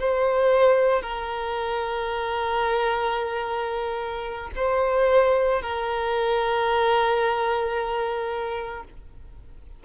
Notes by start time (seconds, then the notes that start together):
0.00 C5
1.03 A#4
4.56 C5
5.62 A#4